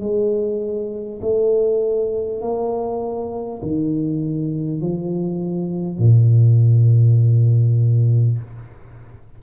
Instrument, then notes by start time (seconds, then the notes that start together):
tuba
0.00 G#3
1.21 A3
2.41 A#3
3.62 D#3
4.81 F3
5.98 A#2